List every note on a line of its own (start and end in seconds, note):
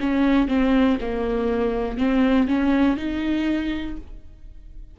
0.00 0.48 C#4
0.48 0.98 C4
1.01 1.98 A#3
1.98 2.48 C4
2.48 2.97 C#4
2.97 3.97 D#4